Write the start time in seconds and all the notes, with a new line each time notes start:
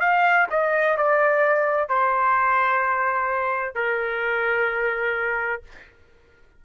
0.00 F5
0.50 D#5
0.97 D5
1.89 C5
3.75 A#4